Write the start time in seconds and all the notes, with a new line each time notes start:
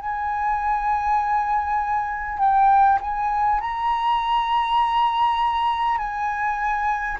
0.00 G#5
2.39 G5
3.01 G#5
3.61 A#5
5.98 G#5